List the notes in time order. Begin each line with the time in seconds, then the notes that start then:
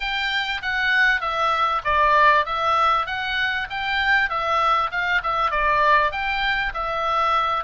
0.00 G5
0.62 F#5
1.20 E5
1.84 D5
2.45 E5
3.06 F#5
3.70 G5
4.29 E5
4.91 F5
5.23 E5
5.50 D5
6.11 G5
6.74 E5